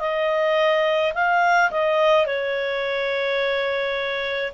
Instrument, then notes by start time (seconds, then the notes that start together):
clarinet
0.00 D#5
1.14 F5
1.71 D#5
2.27 C#5